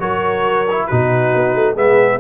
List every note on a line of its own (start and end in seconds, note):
0.00 0.88 F#3
0.00 0.66 F#4
0.00 0.87 A#4
0.00 0.87 C#5
0.70 0.91 E4
0.87 1.34 B2
0.87 1.76 D#4
0.87 1.75 F#4
0.87 1.75 B4
1.34 1.55 B3
1.55 1.76 A3
1.75 2.20 G#3
1.75 2.20 B3
1.75 2.19 G#4
1.75 2.20 E5